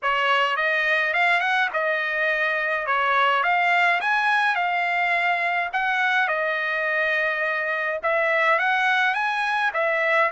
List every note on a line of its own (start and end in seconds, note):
0.02 0.56 C#5
0.56 1.13 D#5
1.13 1.40 F5
1.40 1.69 F#5
1.73 2.86 D#5
2.86 3.43 C#5
3.43 4.00 F5
4.00 4.55 G#5
4.55 5.69 F5
5.72 6.28 F#5
6.28 7.99 D#5
8.02 8.58 E5
8.58 9.14 F#5
9.14 9.71 G#5
9.73 10.30 E5